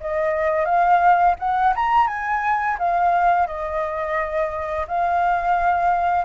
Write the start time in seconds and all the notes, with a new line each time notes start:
0.00 D#5
0.65 F5
1.39 F#5
1.75 A#5
2.07 G#5
2.79 F5
3.47 D#5
4.87 F5